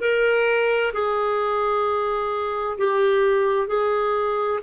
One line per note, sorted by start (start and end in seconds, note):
0.00 0.92 A#4
0.93 2.78 G#4
2.78 3.68 G4
3.68 4.60 G#4